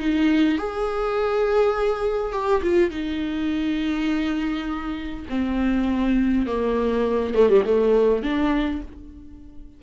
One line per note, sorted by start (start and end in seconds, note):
0.00 0.59 D#4
0.59 2.33 G#4
2.33 2.62 G4
2.63 2.91 F4
2.91 5.26 D#4
5.30 6.47 C4
6.47 7.35 A#3
7.35 7.49 A3
7.50 7.64 G3
7.65 8.23 A3
8.23 8.82 D4